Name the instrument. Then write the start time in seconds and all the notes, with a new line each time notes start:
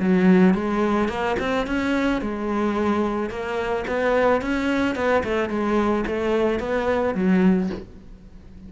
cello
0.00 F#3
0.54 G#3
1.09 A#3
1.39 C4
1.67 C#4
2.21 G#3
3.30 A#3
3.87 B3
4.41 C#4
4.95 B3
5.24 A3
5.49 G#3
6.07 A3
6.60 B3
7.15 F#3